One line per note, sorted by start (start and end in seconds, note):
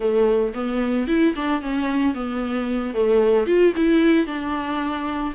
0.00 0.53 A3
0.54 1.07 B3
1.07 1.34 E4
1.35 1.61 D4
1.61 2.14 C#4
2.14 2.94 B3
2.94 3.46 A3
3.46 3.73 F4
3.75 4.26 E4
4.26 5.33 D4